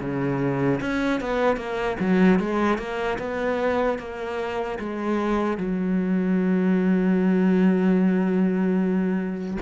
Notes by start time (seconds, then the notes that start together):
0.00 C#3
0.81 C#4
1.20 B3
1.56 A#3
2.00 F#3
2.39 G#3
2.78 A#3
3.19 B3
3.99 A#3
4.79 G#3
5.57 F#3